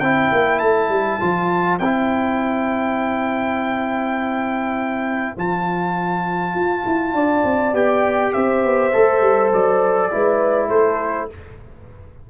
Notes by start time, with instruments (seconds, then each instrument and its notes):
0.00 tuba C4, trombone E4, horn C5, trumpet G5
0.32 tuba A#3
0.59 tuba A3, trumpet A5
0.89 tuba G3
1.20 tuba F3, trombone F4
1.79 tuba C4, trombone E4, trumpet G5
5.37 tuba F3, trombone F4, trumpet A5
6.55 tuba F4
6.86 tuba E4
7.14 tuba D4, horn D5
7.44 tuba C4
7.73 tuba B3, trombone G4, trumpet G5
8.33 tuba C4, horn C5, trumpet E5
8.64 tuba B3
8.93 tuba A3, trombone A4
9.21 tuba G3
9.52 tuba F#3, trumpet D5
10.11 tuba G#3, trombone E4, horn B4
10.69 tuba A3, horn A4, trumpet C5